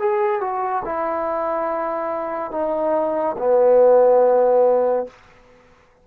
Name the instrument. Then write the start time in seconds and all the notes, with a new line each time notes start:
trombone
0.00 G#4
0.41 F#4
0.85 E4
2.52 D#4
3.38 B3